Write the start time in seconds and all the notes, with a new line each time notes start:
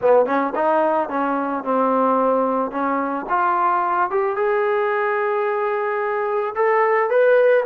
0.01 B3
0.26 C#4
0.55 D#4
1.09 C#4
1.64 C4
2.71 C#4
3.29 F4
4.10 G4
4.36 G#4
6.55 A4
7.10 B4